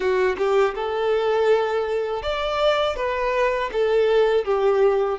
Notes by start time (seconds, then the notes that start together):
0.00 F#4
0.37 G4
0.74 A4
2.22 D5
2.96 B4
3.72 A4
4.44 G4